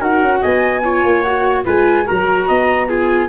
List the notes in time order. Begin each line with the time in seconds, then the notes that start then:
0.00 D#4 F#4 A#4 F#5
0.22 C#4
0.42 B3 D#5 G#5
0.85 F4 C#5
1.04 A#3
1.22 F#4 F#5
1.65 G#3 F4 B4 G#5
2.05 F#3 F#4 A#4 A#5
2.48 B3 D#5
2.89 F4 G#4 G#5